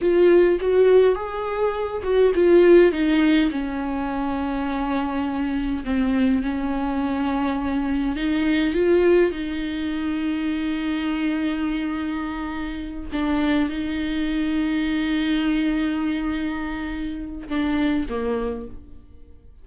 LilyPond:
\new Staff \with { instrumentName = "viola" } { \time 4/4 \tempo 4 = 103 f'4 fis'4 gis'4. fis'8 | f'4 dis'4 cis'2~ | cis'2 c'4 cis'4~ | cis'2 dis'4 f'4 |
dis'1~ | dis'2~ dis'8 d'4 dis'8~ | dis'1~ | dis'2 d'4 ais4 | }